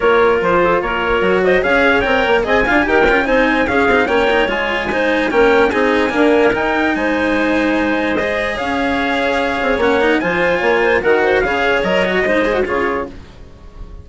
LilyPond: <<
  \new Staff \with { instrumentName = "trumpet" } { \time 4/4 \tempo 4 = 147 cis''4 c''4 cis''4. dis''8 | f''4 g''4 gis''4 g''4 | gis''4 f''4 g''4 gis''4~ | gis''4 g''4 gis''2 |
g''4 gis''2. | dis''4 f''2. | fis''4 gis''2 fis''4 | f''4 dis''2 cis''4 | }
  \new Staff \with { instrumentName = "clarinet" } { \time 4/4 ais'4. a'8 ais'4. c''8 | cis''2 dis''8 f''8 ais'4 | c''4 gis'4 cis''2 | c''4 ais'4 gis'4 ais'4~ |
ais'4 c''2.~ | c''4 cis''2.~ | cis''4 c''4 cis''8 c''8 ais'8 c''8 | cis''2 c''4 gis'4 | }
  \new Staff \with { instrumentName = "cello" } { \time 4/4 f'2. fis'4 | gis'4 ais'4 gis'8 f'8 g'8 f'8 | dis'4 cis'8 dis'8 cis'8 dis'8 f'4 | dis'4 cis'4 dis'4 ais4 |
dis'1 | gis'1 | cis'8 dis'8 f'2 fis'4 | gis'4 ais'8 fis'8 dis'8 gis'16 fis'16 f'4 | }
  \new Staff \with { instrumentName = "bassoon" } { \time 4/4 ais4 f4 ais4 fis4 | cis'4 c'8 ais8 c'8 d'8 dis'8 cis'8 | c'4 cis'8 c'8 ais4 gis4~ | gis4 ais4 c'4 d'4 |
dis'4 gis2.~ | gis4 cis'2~ cis'8 c'8 | ais4 f4 ais4 dis4 | cis4 fis4 gis4 cis4 | }
>>